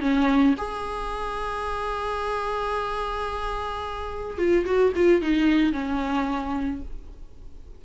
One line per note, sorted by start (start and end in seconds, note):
0.00 0.55 C#4
0.57 4.38 G#4
4.38 4.65 F4
4.65 4.92 F#4
4.95 5.21 F4
5.21 5.72 D#4
5.72 6.81 C#4